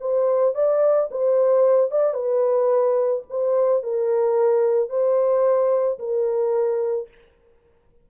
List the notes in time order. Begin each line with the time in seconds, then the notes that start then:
0.00 C5
0.55 D5
1.11 C5
1.91 D5
2.14 B4
3.30 C5
3.83 A#4
4.89 C5
5.99 A#4